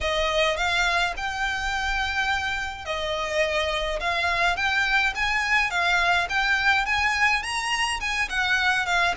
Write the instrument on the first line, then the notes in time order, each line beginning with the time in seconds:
violin
0.00 D#5
0.56 F5
1.16 G5
2.85 D#5
3.99 F5
4.56 G5
5.15 G#5
5.70 F5
6.29 G5
6.85 G#5
7.42 A#5
8.00 G#5
8.29 F#5
8.85 F5